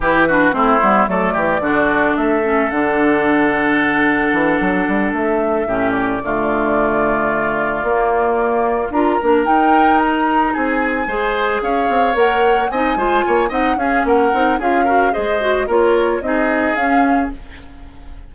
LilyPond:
<<
  \new Staff \with { instrumentName = "flute" } { \time 4/4 \tempo 4 = 111 b'4 c''4 d''2 | e''4 fis''2.~ | fis''4. e''4. d''4~ | d''1~ |
d''8 ais''4 g''4 ais''4 gis''8~ | gis''4. f''4 fis''4 gis''8~ | gis''4 fis''8 f''8 fis''4 f''4 | dis''4 cis''4 dis''4 f''4 | }
  \new Staff \with { instrumentName = "oboe" } { \time 4/4 g'8 fis'8 e'4 a'8 g'8 fis'4 | a'1~ | a'2~ a'8 g'4 f'8~ | f'1~ |
f'8 ais'2. gis'8~ | gis'8 c''4 cis''2 dis''8 | c''8 cis''8 dis''8 gis'8 ais'4 gis'8 ais'8 | c''4 ais'4 gis'2 | }
  \new Staff \with { instrumentName = "clarinet" } { \time 4/4 e'8 d'8 c'8 b8 a4 d'4~ | d'8 cis'8 d'2.~ | d'2~ d'8 cis'4 a8~ | a2~ a8 ais4.~ |
ais8 f'8 d'8 dis'2~ dis'8~ | dis'8 gis'2 ais'4 dis'8 | f'4 dis'8 cis'4 dis'8 f'8 fis'8 | gis'8 fis'8 f'4 dis'4 cis'4 | }
  \new Staff \with { instrumentName = "bassoon" } { \time 4/4 e4 a8 g8 fis8 e8 d4 | a4 d2. | e8 fis8 g8 a4 a,4 d8~ | d2~ d8 ais4.~ |
ais8 d'8 ais8 dis'2 c'8~ | c'8 gis4 cis'8 c'8 ais4 c'8 | gis8 ais8 c'8 cis'8 ais8 c'8 cis'4 | gis4 ais4 c'4 cis'4 | }
>>